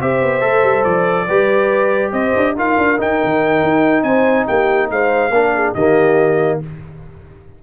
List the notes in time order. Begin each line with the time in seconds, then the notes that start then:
0.00 C4 G4 C5 E5
0.21 B3
0.40 A3 A4
0.63 G3
0.84 F3 D5
1.26 G3 G4 B4
2.12 C4 C5 D#5
2.36 D4
2.55 D#4 F4 A#4 F5
2.77 D4
2.97 D#4 G5
3.23 D#3
3.63 D#4
4.03 C4 C5 G#5
4.47 A#3 G4 G5
4.90 G#3 C5 F5
5.30 A#3 D4 A#4
5.55 G#4
5.74 D#3 A#3 G4 D#5